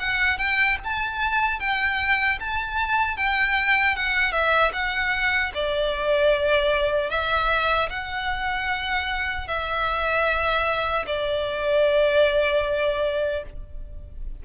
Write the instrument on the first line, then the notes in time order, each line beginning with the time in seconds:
violin
0.00 F#5
0.38 G5
0.84 A5
1.60 G5
2.40 A5
3.17 G5
3.97 F#5
4.33 E5
4.73 F#5
5.55 D5
7.11 E5
7.90 F#5
9.48 E5
11.07 D5